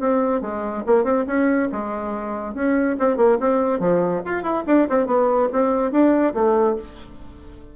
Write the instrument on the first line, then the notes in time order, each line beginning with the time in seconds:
bassoon
0.00 C4
0.41 G#3
0.87 A#3
1.04 C4
1.27 C#4
1.72 G#3
2.54 C#4
2.99 C4
3.17 A#3
3.40 C4
3.80 F3
4.25 F4
4.43 E4
4.67 D4
4.90 C4
5.06 B3
5.53 C4
5.92 D4
6.34 A3